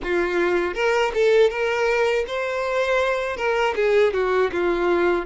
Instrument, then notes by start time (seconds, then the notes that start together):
violin
0.03 F4
0.74 A#4
1.14 A4
1.50 A#4
2.27 C5
3.36 A#4
3.75 G#4
4.13 F#4
4.52 F4